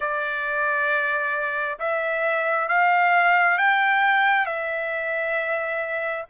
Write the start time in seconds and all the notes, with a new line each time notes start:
0.00 D5
1.79 E5
2.68 F5
3.57 G5
4.46 E5